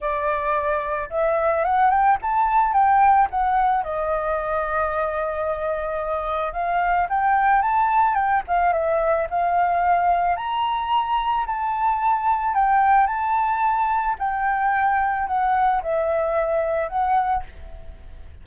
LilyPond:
\new Staff \with { instrumentName = "flute" } { \time 4/4 \tempo 4 = 110 d''2 e''4 fis''8 g''8 | a''4 g''4 fis''4 dis''4~ | dis''1 | f''4 g''4 a''4 g''8 f''8 |
e''4 f''2 ais''4~ | ais''4 a''2 g''4 | a''2 g''2 | fis''4 e''2 fis''4 | }